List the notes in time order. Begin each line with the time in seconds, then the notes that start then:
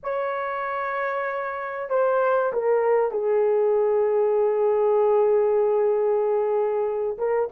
0.03 C#5
1.89 C5
2.52 A#4
3.11 G#4
7.18 A#4